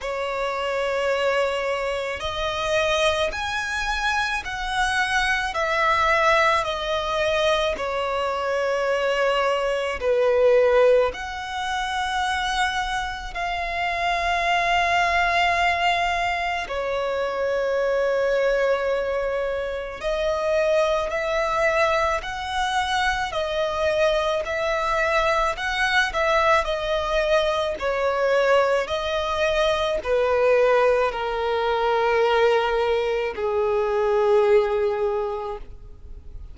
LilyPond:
\new Staff \with { instrumentName = "violin" } { \time 4/4 \tempo 4 = 54 cis''2 dis''4 gis''4 | fis''4 e''4 dis''4 cis''4~ | cis''4 b'4 fis''2 | f''2. cis''4~ |
cis''2 dis''4 e''4 | fis''4 dis''4 e''4 fis''8 e''8 | dis''4 cis''4 dis''4 b'4 | ais'2 gis'2 | }